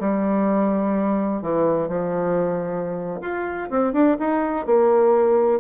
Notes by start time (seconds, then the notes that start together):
0.00 G3
1.42 E3
1.88 F3
3.21 F4
3.70 C4
3.93 D4
4.19 D#4
4.66 A#3